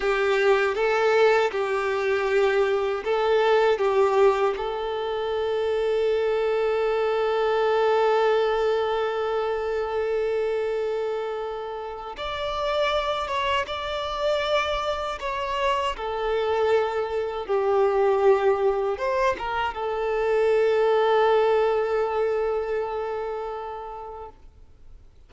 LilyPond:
\new Staff \with { instrumentName = "violin" } { \time 4/4 \tempo 4 = 79 g'4 a'4 g'2 | a'4 g'4 a'2~ | a'1~ | a'1 |
d''4. cis''8 d''2 | cis''4 a'2 g'4~ | g'4 c''8 ais'8 a'2~ | a'1 | }